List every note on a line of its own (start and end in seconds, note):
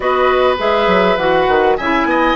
0.00 0.58 B3
0.00 0.57 F#4
0.00 1.77 B4
0.00 0.56 D#5
0.58 0.87 G#3
0.58 1.17 G#4
0.58 1.17 E5
0.87 1.16 F#3
1.17 1.47 E3
1.17 1.78 F#4
1.17 1.76 F#5
1.47 1.77 D#3
1.76 2.04 C#3
1.76 2.36 E4
1.76 2.06 E5
1.76 2.36 G#5
2.04 2.34 B3
2.04 2.36 D#5